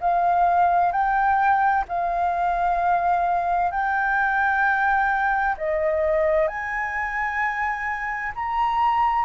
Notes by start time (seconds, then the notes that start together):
0.00 F5
0.92 G5
1.88 F5
3.71 G5
5.57 D#5
6.47 G#5
8.35 A#5